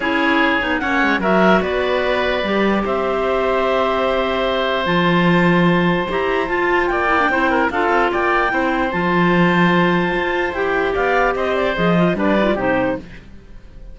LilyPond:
<<
  \new Staff \with { instrumentName = "clarinet" } { \time 4/4 \tempo 4 = 148 cis''2 fis''4 e''4 | d''2. e''4~ | e''1 | a''2. ais''4 |
a''4 g''2 f''4 | g''2 a''2~ | a''2 g''4 f''4 | dis''8 d''8 dis''4 d''4 c''4 | }
  \new Staff \with { instrumentName = "oboe" } { \time 4/4 gis'2 cis''4 ais'4 | b'2. c''4~ | c''1~ | c''1~ |
c''4 d''4 c''8 ais'8 a'4 | d''4 c''2.~ | c''2. d''4 | c''2 b'4 g'4 | }
  \new Staff \with { instrumentName = "clarinet" } { \time 4/4 e'4. dis'8 cis'4 fis'4~ | fis'2 g'2~ | g'1 | f'2. g'4 |
f'4. e'16 d'16 e'4 f'4~ | f'4 e'4 f'2~ | f'2 g'2~ | g'4 gis'8 f'8 d'8 dis'16 f'16 dis'4 | }
  \new Staff \with { instrumentName = "cello" } { \time 4/4 cis'4. b8 ais8 gis8 fis4 | b2 g4 c'4~ | c'1 | f2. e'4 |
f'4 ais4 c'4 d'8 c'8 | ais4 c'4 f2~ | f4 f'4 e'4 b4 | c'4 f4 g4 c4 | }
>>